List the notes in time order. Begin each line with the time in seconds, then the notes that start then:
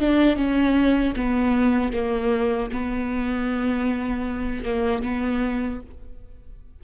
0.00 D4
0.36 C#4
1.16 B3
1.93 A#3
2.72 B3
4.65 A#3
5.02 B3